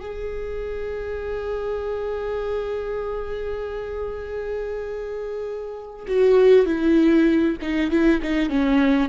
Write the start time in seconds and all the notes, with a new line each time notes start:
0.00 G#4
6.08 F#4
6.66 E4
7.61 D#4
7.91 E4
8.22 D#4
8.50 C#4